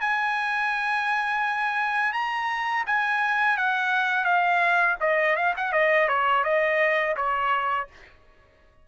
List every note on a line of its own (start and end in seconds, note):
0.00 2.12 G#5
2.12 2.84 A#5
2.86 3.57 G#5
3.57 4.24 F#5
4.24 4.95 F5
5.00 5.36 D#5
5.36 5.54 F5
5.56 5.72 F#5
5.72 6.08 D#5
6.08 6.44 C#5
6.44 7.15 D#5
7.16 7.87 C#5